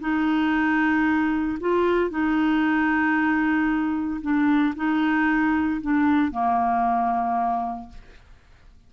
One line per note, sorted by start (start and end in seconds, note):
0.00 1.58 D#4
1.60 2.10 F4
2.10 4.20 D#4
4.21 4.74 D4
4.76 5.81 D#4
5.81 6.31 D4
6.31 7.89 A#3